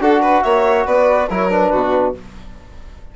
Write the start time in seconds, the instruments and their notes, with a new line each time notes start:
0.00 bassoon D4, trombone F#4, violin A4, flute F#5
0.22 violin B4
0.43 bassoon A#3, violin C#5, flute E5
0.86 bassoon B3, violin B4, flute D5
1.30 bassoon F#3, trombone E4, violin A#4, flute C#5
1.50 trombone D4, flute B4
1.72 bassoon B2, violin F#4